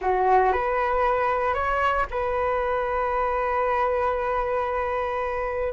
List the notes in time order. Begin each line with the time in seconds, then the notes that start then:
0.01 F#4
0.52 B4
1.53 C#5
2.10 B4